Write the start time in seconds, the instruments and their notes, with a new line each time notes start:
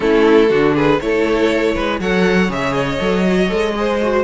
0.00 cello A3, viola C#4, violin E4 A4
0.49 cello D3, viola D4, violin F#4
0.74 violin G#4 B4
1.00 cello A3, viola E4, violin A4 C#5
1.74 cello G#3, violin B4
2.00 cello F#3, viola A4, violin C#5 F#5
2.48 cello C#3, viola G#4, violin E5
2.73 violin D#5
2.99 cello F#3, viola A4
3.28 viola F#4
3.48 cello G#3, viola A4
3.75 viola G#4, violin C5
4.02 viola F#4